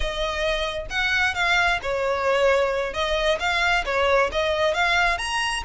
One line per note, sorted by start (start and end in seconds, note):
0.00 0.86 D#5
0.90 1.34 F#5
1.34 1.79 F5
1.82 2.93 C#5
2.93 3.38 D#5
3.39 3.84 F5
3.85 4.30 C#5
4.32 4.74 D#5
4.74 5.18 F5
5.18 5.63 A#5